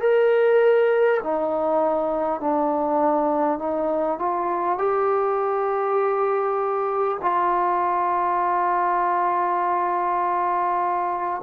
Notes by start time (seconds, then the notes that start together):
0.00 A#4
1.23 D#4
2.40 D4
3.58 D#4
4.18 F4
4.77 G4
7.21 F4